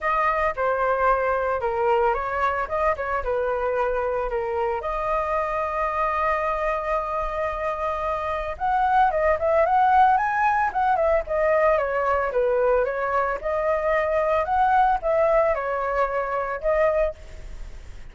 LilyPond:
\new Staff \with { instrumentName = "flute" } { \time 4/4 \tempo 4 = 112 dis''4 c''2 ais'4 | cis''4 dis''8 cis''8 b'2 | ais'4 dis''2.~ | dis''1 |
fis''4 dis''8 e''8 fis''4 gis''4 | fis''8 e''8 dis''4 cis''4 b'4 | cis''4 dis''2 fis''4 | e''4 cis''2 dis''4 | }